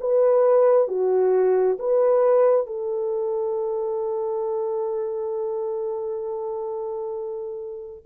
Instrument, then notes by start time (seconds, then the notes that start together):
horn
0.00 B4
0.88 F#4
1.79 B4
2.66 A4